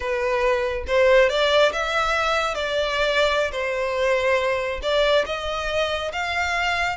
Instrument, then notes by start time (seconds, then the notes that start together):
violin
0.00 B4
0.87 C5
1.29 D5
1.72 E5
2.55 D5
3.51 C5
4.82 D5
5.25 D#5
6.12 F5